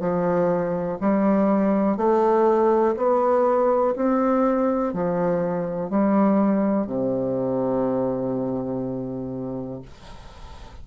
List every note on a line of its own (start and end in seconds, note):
0.00 0.98 F3
1.01 1.97 G3
1.97 2.95 A3
2.96 3.95 B3
3.96 4.94 C4
4.94 5.90 F3
5.90 6.87 G3
6.87 9.82 C3